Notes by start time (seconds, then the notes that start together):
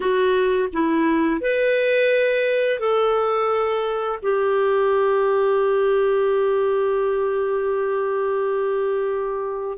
0.00 F#4
0.73 E4
1.40 B4
2.79 A4
4.22 G4